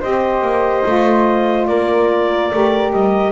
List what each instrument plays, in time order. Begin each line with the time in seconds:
0.00 double bass C4, saxophone G4, flute C5, clarinet D#5
0.41 double bass A#3
0.85 double bass A3, saxophone F4
1.66 double bass A#3, flute A#4, clarinet D5
2.51 double bass A3, saxophone G4
2.91 double bass G3, clarinet D#5